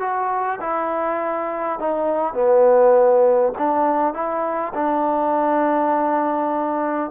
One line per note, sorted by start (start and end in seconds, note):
0.00 0.59 F#4
0.60 1.79 E4
1.79 2.34 D#4
2.34 3.52 B3
3.58 4.14 D4
4.14 4.73 E4
4.74 7.11 D4